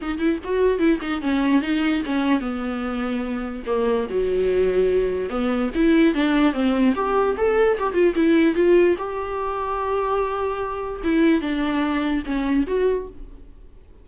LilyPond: \new Staff \with { instrumentName = "viola" } { \time 4/4 \tempo 4 = 147 dis'8 e'8 fis'4 e'8 dis'8 cis'4 | dis'4 cis'4 b2~ | b4 ais4 fis2~ | fis4 b4 e'4 d'4 |
c'4 g'4 a'4 g'8 f'8 | e'4 f'4 g'2~ | g'2. e'4 | d'2 cis'4 fis'4 | }